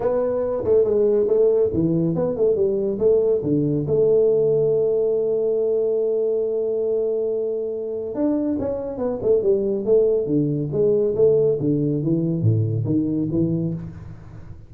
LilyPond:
\new Staff \with { instrumentName = "tuba" } { \time 4/4 \tempo 4 = 140 b4. a8 gis4 a4 | e4 b8 a8 g4 a4 | d4 a2.~ | a1~ |
a2. d'4 | cis'4 b8 a8 g4 a4 | d4 gis4 a4 d4 | e4 a,4 dis4 e4 | }